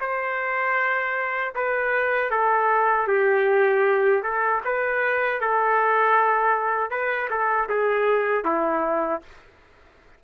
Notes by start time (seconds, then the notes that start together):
0.00 C5
1.55 B4
2.30 A4
3.07 G4
4.23 A4
4.65 B4
5.41 A4
6.91 B4
7.30 A4
7.69 G#4
8.44 E4